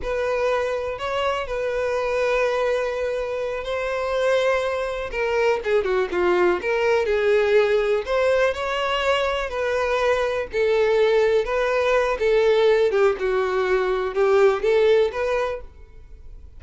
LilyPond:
\new Staff \with { instrumentName = "violin" } { \time 4/4 \tempo 4 = 123 b'2 cis''4 b'4~ | b'2.~ b'8 c''8~ | c''2~ c''8 ais'4 gis'8 | fis'8 f'4 ais'4 gis'4.~ |
gis'8 c''4 cis''2 b'8~ | b'4. a'2 b'8~ | b'4 a'4. g'8 fis'4~ | fis'4 g'4 a'4 b'4 | }